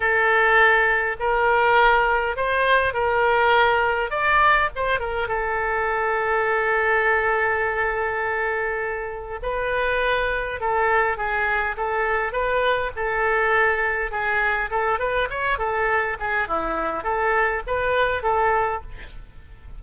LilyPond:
\new Staff \with { instrumentName = "oboe" } { \time 4/4 \tempo 4 = 102 a'2 ais'2 | c''4 ais'2 d''4 | c''8 ais'8 a'2.~ | a'1 |
b'2 a'4 gis'4 | a'4 b'4 a'2 | gis'4 a'8 b'8 cis''8 a'4 gis'8 | e'4 a'4 b'4 a'4 | }